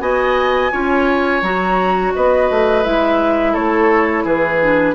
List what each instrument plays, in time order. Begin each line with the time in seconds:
0.00 bassoon B3, clarinet F#4, oboe D#5, flute G#5
0.72 bassoon C#4, clarinet F4, oboe C#5
1.42 bassoon F#3, clarinet F#4, flute A#5
2.14 bassoon B3, oboe B4, flute D#5
2.50 bassoon A3
2.84 bassoon G#3, clarinet E4, flute E5
3.53 bassoon A3, oboe A4, flute C#5
4.25 bassoon E3, oboe G#4, flute B4
4.61 clarinet D4